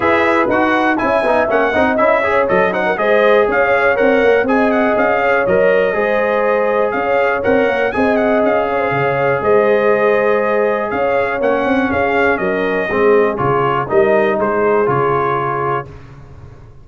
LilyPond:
<<
  \new Staff \with { instrumentName = "trumpet" } { \time 4/4 \tempo 4 = 121 e''4 fis''4 gis''4 fis''4 | e''4 dis''8 fis''8 dis''4 f''4 | fis''4 gis''8 fis''8 f''4 dis''4~ | dis''2 f''4 fis''4 |
gis''8 fis''8 f''2 dis''4~ | dis''2 f''4 fis''4 | f''4 dis''2 cis''4 | dis''4 c''4 cis''2 | }
  \new Staff \with { instrumentName = "horn" } { \time 4/4 b'2 e''4. dis''8~ | dis''8 cis''4 c''16 ais'16 c''4 cis''4~ | cis''4 dis''4. cis''4. | c''2 cis''2 |
dis''4. cis''16 c''16 cis''4 c''4~ | c''2 cis''2 | gis'4 ais'4 gis'2 | ais'4 gis'2. | }
  \new Staff \with { instrumentName = "trombone" } { \time 4/4 gis'4 fis'4 e'8 dis'8 cis'8 dis'8 | e'8 gis'8 a'8 dis'8 gis'2 | ais'4 gis'2 ais'4 | gis'2. ais'4 |
gis'1~ | gis'2. cis'4~ | cis'2 c'4 f'4 | dis'2 f'2 | }
  \new Staff \with { instrumentName = "tuba" } { \time 4/4 e'4 dis'4 cis'8 b8 ais8 c'8 | cis'4 fis4 gis4 cis'4 | c'8 ais8 c'4 cis'4 fis4 | gis2 cis'4 c'8 ais8 |
c'4 cis'4 cis4 gis4~ | gis2 cis'4 ais8 c'8 | cis'4 fis4 gis4 cis4 | g4 gis4 cis2 | }
>>